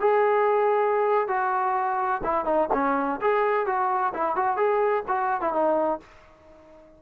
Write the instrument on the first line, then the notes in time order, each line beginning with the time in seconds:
trombone
0.00 G#4
1.28 F#4
2.24 E4
2.45 D#4
2.73 C#4
3.21 G#4
3.66 F#4
4.14 E4
4.36 F#4
4.57 G#4
5.08 F#4
5.41 E4
5.53 D#4